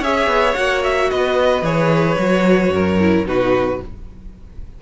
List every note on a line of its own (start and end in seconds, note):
0.00 0.27 C#4
0.00 0.54 G#4
0.00 1.09 C#5
0.00 0.54 E5
0.27 0.54 B3
0.54 1.11 A#3
0.54 1.62 F#4
0.54 0.81 F#5
0.83 1.10 E5
1.10 1.62 B3
1.10 2.73 B4
1.10 1.64 D#5
1.62 2.16 E3
1.62 2.17 G#4
1.62 3.26 C#5
2.18 2.69 F#3
2.18 2.99 F#4
2.69 3.23 F#2
2.69 3.27 A#4
2.99 3.25 E4
3.25 3.79 B2
3.25 3.79 D#4
3.25 3.81 F#4
3.25 3.82 B4